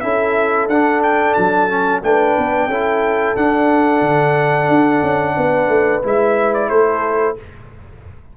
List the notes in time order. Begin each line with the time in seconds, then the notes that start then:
0.00 C#4 E4 A4 E5
0.67 D4 F#5
1.02 G5
1.33 F#3 A5
1.69 C#4
2.02 A3 D4 B4 G5
2.37 B3
2.67 C#4 E4 A4
3.36 D4 F#5
4.01 D3
4.68 D4
5.02 C#4
5.36 B3 B4
5.68 A3
6.03 G#3 E4 E5
6.53 D5
6.69 A3 A4 C5